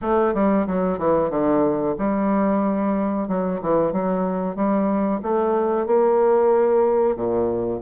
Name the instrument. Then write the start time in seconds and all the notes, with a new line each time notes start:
bassoon
0.01 A3
0.33 G3
0.66 F#3
0.98 E3
1.30 D3
1.98 G3
3.28 F#3
3.61 E3
3.92 F#3
4.55 G3
5.22 A3
5.86 A#3
7.16 A#2